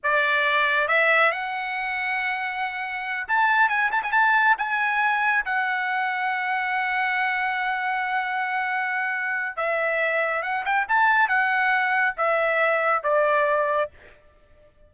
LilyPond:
\new Staff \with { instrumentName = "trumpet" } { \time 4/4 \tempo 4 = 138 d''2 e''4 fis''4~ | fis''2.~ fis''8 a''8~ | a''8 gis''8 a''16 gis''16 a''4 gis''4.~ | gis''8 fis''2.~ fis''8~ |
fis''1~ | fis''2 e''2 | fis''8 g''8 a''4 fis''2 | e''2 d''2 | }